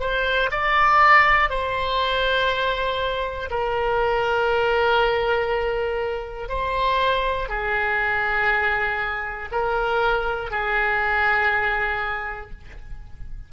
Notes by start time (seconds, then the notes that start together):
0.00 C5
0.51 D5
1.50 C5
3.50 A#4
6.48 C5
7.49 G#4
9.51 A#4
10.50 G#4